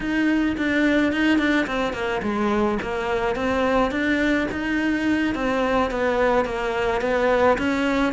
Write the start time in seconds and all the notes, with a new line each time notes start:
0.00 D#4
0.57 D4
1.12 D#4
1.38 D4
1.66 C4
1.93 A#3
2.22 G#3
2.81 A#3
3.35 C4
3.91 D4
4.51 D#4
5.34 C4
5.90 B3
6.45 A#3
7.01 B3
7.58 C#4